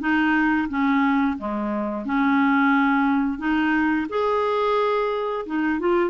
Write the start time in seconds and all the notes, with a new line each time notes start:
0.00 D#4
0.69 C#4
1.39 G#3
2.05 C#4
3.39 D#4
4.09 G#4
5.46 D#4
5.80 F4